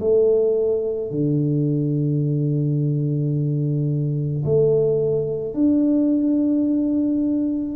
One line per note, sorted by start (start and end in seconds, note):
0.00 1.11 A3
1.11 4.44 D3
4.45 5.54 A3
5.54 7.76 D4